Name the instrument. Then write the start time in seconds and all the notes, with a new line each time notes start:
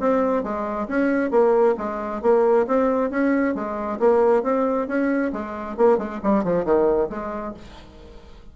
bassoon
0.00 C4
0.43 G#3
0.88 C#4
1.31 A#3
1.78 G#3
2.22 A#3
2.67 C4
3.11 C#4
3.55 G#3
4.00 A#3
4.43 C4
4.88 C#4
5.33 G#3
5.77 A#3
5.98 G#3
6.23 G3
6.44 F3
6.65 D#3
7.10 G#3